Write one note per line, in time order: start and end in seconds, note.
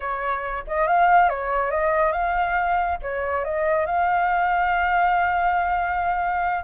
0.00 0.64 C#5
0.67 0.87 D#5
0.87 1.29 F5
1.29 1.70 C#5
1.70 2.12 D#5
2.12 2.97 F5
3.01 3.44 C#5
3.44 3.86 D#5
3.86 6.64 F5